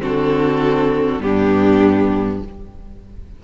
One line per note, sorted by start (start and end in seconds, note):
0.00 1.19 D3
0.00 1.20 C4
0.00 1.22 F#4
0.00 1.22 A4
1.19 2.39 G2
1.19 2.40 B3
1.19 2.44 D4
1.19 2.42 G4